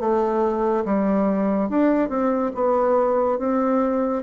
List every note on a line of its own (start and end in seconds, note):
0.00 0.85 A3
0.85 1.69 G3
1.69 2.09 D4
2.09 2.52 C4
2.55 3.39 B3
3.39 4.23 C4